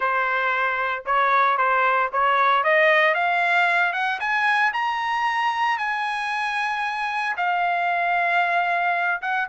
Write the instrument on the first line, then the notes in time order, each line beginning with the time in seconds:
trumpet
0.00 C5
1.05 C#5
1.57 C5
2.12 C#5
2.63 D#5
3.14 F5
3.93 F#5
4.19 G#5
4.73 A#5
5.78 G#5
7.36 F5
9.21 F#5